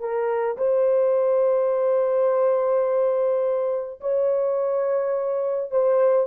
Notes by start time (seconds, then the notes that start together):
0.00 A#4
0.58 C5
4.01 C#5
5.71 C5